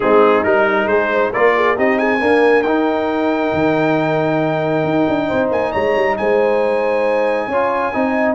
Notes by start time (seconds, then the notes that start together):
0.00 G#3 C4 D#4 G#4
0.43 G3 D#4 A#4
0.86 G#3 G#4 C5
1.12 C5
1.32 A#3 F4 A#4 D5
1.55 G#4
1.76 C4 D#4 G4 D#5
1.98 G#4 G#5
2.19 A#3 D4 A#4
2.62 D#4 G5
3.53 D#3
4.84 D#4
5.08 D4
5.27 C4 C5
5.51 A#3 G#5
5.71 G#3 C#5 A#5
5.95 G3
6.17 G#3 C5 G#5
7.47 C#4 F4 C#5
7.92 C4 D#4 D#5